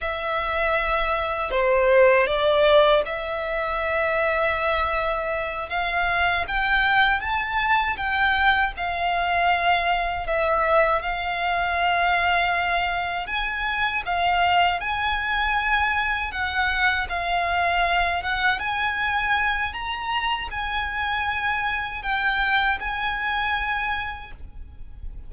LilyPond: \new Staff \with { instrumentName = "violin" } { \time 4/4 \tempo 4 = 79 e''2 c''4 d''4 | e''2.~ e''8 f''8~ | f''8 g''4 a''4 g''4 f''8~ | f''4. e''4 f''4.~ |
f''4. gis''4 f''4 gis''8~ | gis''4. fis''4 f''4. | fis''8 gis''4. ais''4 gis''4~ | gis''4 g''4 gis''2 | }